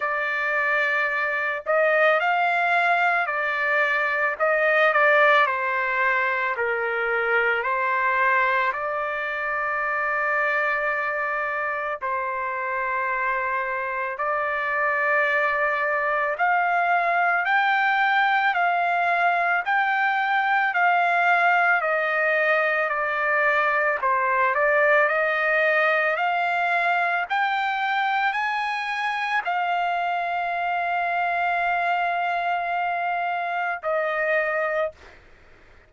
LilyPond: \new Staff \with { instrumentName = "trumpet" } { \time 4/4 \tempo 4 = 55 d''4. dis''8 f''4 d''4 | dis''8 d''8 c''4 ais'4 c''4 | d''2. c''4~ | c''4 d''2 f''4 |
g''4 f''4 g''4 f''4 | dis''4 d''4 c''8 d''8 dis''4 | f''4 g''4 gis''4 f''4~ | f''2. dis''4 | }